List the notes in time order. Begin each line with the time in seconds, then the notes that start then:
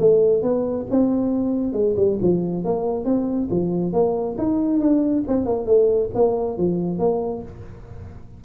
0.00 A3
0.43 B3
0.91 C4
1.73 G#3
1.97 G3
2.22 F3
2.65 A#3
3.05 C4
3.51 F3
3.93 A#3
4.39 D#4
4.81 D4
5.28 C4
5.46 A#3
5.66 A3
6.15 A#3
6.58 F3
6.99 A#3